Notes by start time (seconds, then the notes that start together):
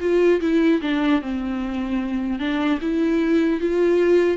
0.00 F4
0.40 E4
0.81 D4
1.21 C4
2.39 D4
2.81 E4
3.60 F4